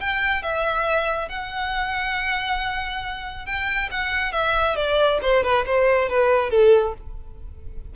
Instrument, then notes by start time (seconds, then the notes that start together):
violin
0.00 G5
0.42 E5
1.28 F#5
3.46 G5
3.91 F#5
4.32 E5
4.75 D5
5.22 C5
5.43 B4
5.65 C5
6.09 B4
6.50 A4